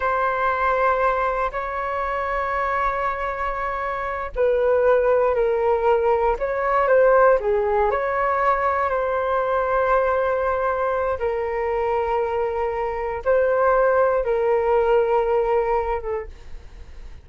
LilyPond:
\new Staff \with { instrumentName = "flute" } { \time 4/4 \tempo 4 = 118 c''2. cis''4~ | cis''1~ | cis''8 b'2 ais'4.~ | ais'8 cis''4 c''4 gis'4 cis''8~ |
cis''4. c''2~ c''8~ | c''2 ais'2~ | ais'2 c''2 | ais'2.~ ais'8 a'8 | }